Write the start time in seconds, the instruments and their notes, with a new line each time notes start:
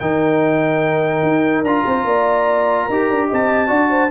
0.00 tuba D#3, trombone D#4, horn A#4, trumpet G5
1.23 tuba D#4
1.62 tuba D4, trombone F4, trumpet A#5
1.85 tuba C4, horn C5
2.04 tuba A#3, horn D5
2.86 tuba D#4, trombone G4, horn A#4
3.10 tuba D4
3.27 tuba C4, horn D#5, trumpet A5
3.68 tuba D4, trombone F#4, horn D5
3.90 horn C5